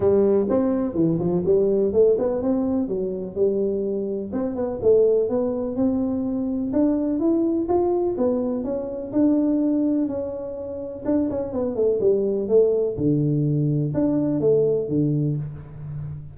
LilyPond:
\new Staff \with { instrumentName = "tuba" } { \time 4/4 \tempo 4 = 125 g4 c'4 e8 f8 g4 | a8 b8 c'4 fis4 g4~ | g4 c'8 b8 a4 b4 | c'2 d'4 e'4 |
f'4 b4 cis'4 d'4~ | d'4 cis'2 d'8 cis'8 | b8 a8 g4 a4 d4~ | d4 d'4 a4 d4 | }